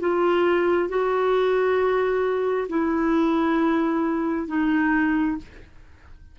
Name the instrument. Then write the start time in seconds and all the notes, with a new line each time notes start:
clarinet
0.00 F4
0.89 F#4
2.69 E4
4.47 D#4